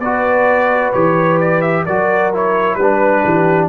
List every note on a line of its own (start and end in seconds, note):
0.00 0.92 B3
0.00 0.94 F#4
0.00 1.85 B4
0.00 0.92 D5
0.92 1.87 E3
0.92 1.86 G4
0.92 1.39 C#5
1.40 1.61 D5
1.61 1.84 E5
1.85 2.75 F#3
1.85 2.33 F#4
1.85 2.78 A#4
1.85 2.32 D5
2.33 2.79 E4
2.33 2.75 C#5
2.75 3.22 G3
2.75 3.67 B4
2.75 3.23 B4
2.82 3.69 D4
3.23 3.69 E3
3.23 3.69 G4